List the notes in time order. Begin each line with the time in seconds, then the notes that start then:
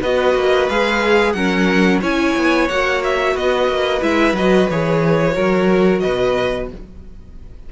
0.00 B3 F#4 B4 D#5
0.35 A#3
0.69 G#3 G#4 F5
1.33 F#3 C#4 A#4 F#5
2.00 C#4 E4 C#5 G#5
2.36 B3
2.68 A#3 F#4 F#5
3.03 E5
3.33 B3 B4 D#5
3.68 A#3
4.01 G#3 E4 E5
4.33 F#3 F#4 D#5
4.70 E3 G#4 C#5
5.31 F#3 F#4 A#4
6.00 B2 B4 D#5